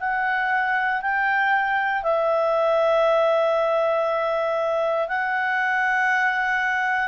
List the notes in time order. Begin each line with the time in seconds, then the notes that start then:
0.00 F#5
1.01 G5
2.03 E5
5.08 F#5